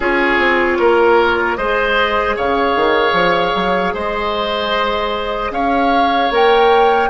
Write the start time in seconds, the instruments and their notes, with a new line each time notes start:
0.00 bassoon C#4, clarinet F4, oboe G#4, flute C#5
0.38 bassoon C4
0.79 bassoon A#3, oboe A#4
1.56 bassoon G#3, clarinet G#4, oboe C5, flute D#5
2.36 bassoon C#3, oboe C#5, flute F5
2.75 bassoon D#3
3.12 bassoon F3
3.55 bassoon F#3
3.93 bassoon G#3, oboe C5, flute D#5
5.50 bassoon C#4, oboe C#5, flute F5
6.30 bassoon A#3, clarinet A#4, flute G5